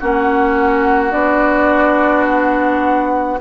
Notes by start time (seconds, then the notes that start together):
0.00 A#3 C#4 F#4 F#5
1.11 B3 D4 D5
2.26 F#5